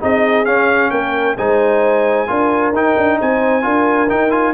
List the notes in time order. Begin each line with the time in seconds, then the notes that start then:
0.00 C4 D#4 G#4 D#5
0.45 C#4 F5
0.91 A#3 A#4 G5
1.36 G#3 D#4 C5 G#5
2.27 D4 F4 A#4
2.73 D#4 G5
2.97 D4
3.19 C4 C5 G#5
3.62 D4 F4 A#4
4.09 D#4 G5
4.30 F4 G#5